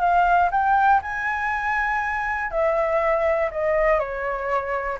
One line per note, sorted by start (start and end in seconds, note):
0.00 0.50 F5
0.51 1.01 G5
1.02 2.50 G#5
2.50 3.50 E5
3.51 3.99 D#5
3.99 4.98 C#5